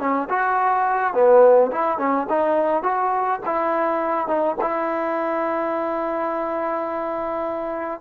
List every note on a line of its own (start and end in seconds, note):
0.00 0.29 C#4
0.30 1.14 F#4
1.14 1.71 B3
1.72 1.98 E4
1.98 2.27 C#4
2.30 2.83 D#4
2.83 3.40 F#4
3.46 4.28 E4
4.28 4.56 D#4
4.61 8.01 E4